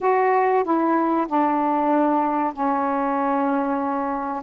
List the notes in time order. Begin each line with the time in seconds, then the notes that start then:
0.00 F#4
0.63 E4
1.27 D4
2.53 C#4